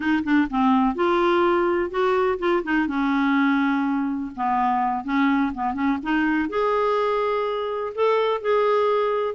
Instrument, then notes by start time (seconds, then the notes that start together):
clarinet
0.00 D#4
0.24 D4
0.50 C4
0.95 F4
1.90 F#4
2.38 F4
2.63 D#4
2.87 C#4
4.36 B3
5.04 C#4
5.54 B3
5.74 C#4
6.02 D#4
6.49 G#4
7.94 A4
8.41 G#4